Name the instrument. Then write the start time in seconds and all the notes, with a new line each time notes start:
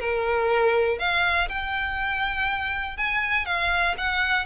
violin
0.00 A#4
0.99 F5
1.49 G5
2.98 G#5
3.46 F5
3.98 F#5